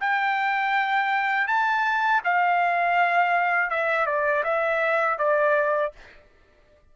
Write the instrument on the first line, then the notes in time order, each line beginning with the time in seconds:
trumpet
0.00 G5
1.47 A5
2.24 F5
3.70 E5
4.06 D5
4.44 E5
5.18 D5